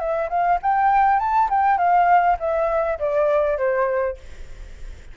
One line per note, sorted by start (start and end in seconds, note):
0.00 0.30 E5
0.30 0.59 F5
0.63 1.20 G5
1.20 1.50 A5
1.50 1.78 G5
1.78 2.38 F5
2.40 2.99 E5
2.99 3.58 D5
3.58 4.18 C5